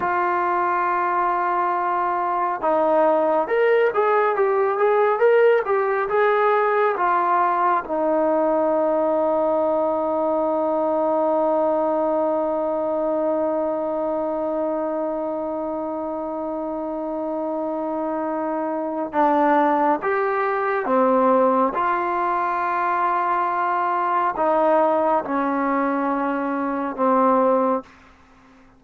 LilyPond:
\new Staff \with { instrumentName = "trombone" } { \time 4/4 \tempo 4 = 69 f'2. dis'4 | ais'8 gis'8 g'8 gis'8 ais'8 g'8 gis'4 | f'4 dis'2.~ | dis'1~ |
dis'1~ | dis'2 d'4 g'4 | c'4 f'2. | dis'4 cis'2 c'4 | }